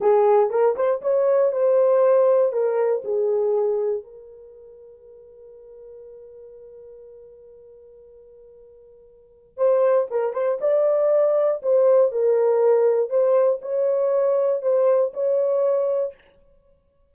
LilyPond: \new Staff \with { instrumentName = "horn" } { \time 4/4 \tempo 4 = 119 gis'4 ais'8 c''8 cis''4 c''4~ | c''4 ais'4 gis'2 | ais'1~ | ais'1~ |
ais'2. c''4 | ais'8 c''8 d''2 c''4 | ais'2 c''4 cis''4~ | cis''4 c''4 cis''2 | }